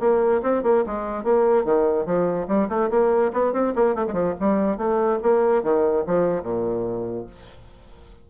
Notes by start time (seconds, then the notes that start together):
0.00 A#3
0.43 C4
0.63 A#3
0.86 G#3
1.24 A#3
1.65 D#3
2.06 F3
2.48 G3
2.69 A3
2.91 A#3
3.33 B3
3.53 C4
3.76 A#3
3.95 A3
4.08 F3 G#3
4.40 G3
4.78 A3
5.23 A#3
5.63 D#3
6.07 F3
6.43 A#2